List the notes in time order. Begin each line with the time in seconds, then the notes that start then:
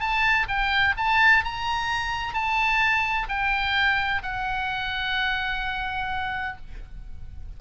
0.00 A5
0.48 G5
0.97 A5
1.44 A#5
2.34 A5
3.29 G5
4.23 F#5